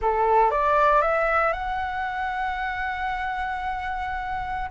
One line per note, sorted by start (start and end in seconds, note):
0.01 0.50 A4
0.50 1.01 D5
1.01 1.52 E5
1.52 4.70 F#5